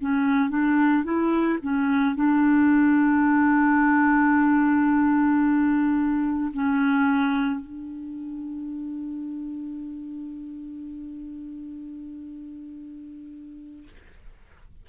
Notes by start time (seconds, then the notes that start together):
0.00 C#4
0.49 D4
1.04 E4
1.62 C#4
2.15 D4
6.53 C#4
7.60 D4